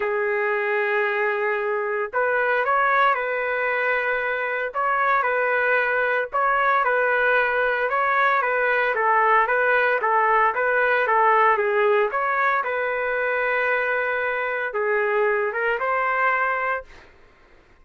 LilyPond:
\new Staff \with { instrumentName = "trumpet" } { \time 4/4 \tempo 4 = 114 gis'1 | b'4 cis''4 b'2~ | b'4 cis''4 b'2 | cis''4 b'2 cis''4 |
b'4 a'4 b'4 a'4 | b'4 a'4 gis'4 cis''4 | b'1 | gis'4. ais'8 c''2 | }